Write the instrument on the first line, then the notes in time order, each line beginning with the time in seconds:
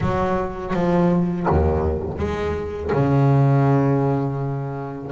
double bass
0.00 F#3
0.73 F3
1.49 D#2
2.18 G#3
2.92 C#3